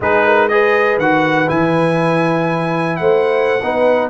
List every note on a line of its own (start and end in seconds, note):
0.00 0.97 G#3
0.00 0.50 D#4
0.00 0.25 G#4
0.00 0.48 B4
0.25 0.50 A#4
0.48 1.00 G#4
0.48 3.00 B4
0.48 0.98 D#5
0.97 1.47 D#3
0.97 1.47 F#4
0.97 1.49 F#5
1.47 2.99 E3
1.47 3.59 E4
1.47 2.96 G#5
2.96 3.62 A3
2.96 3.63 C5
2.96 4.09 F#5
3.62 4.10 B3
3.62 4.10 D#4
3.62 4.10 B4